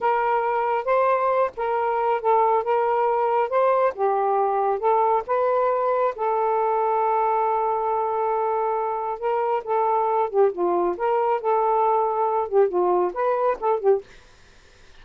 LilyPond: \new Staff \with { instrumentName = "saxophone" } { \time 4/4 \tempo 4 = 137 ais'2 c''4. ais'8~ | ais'4 a'4 ais'2 | c''4 g'2 a'4 | b'2 a'2~ |
a'1~ | a'4 ais'4 a'4. g'8 | f'4 ais'4 a'2~ | a'8 g'8 f'4 b'4 a'8 g'8 | }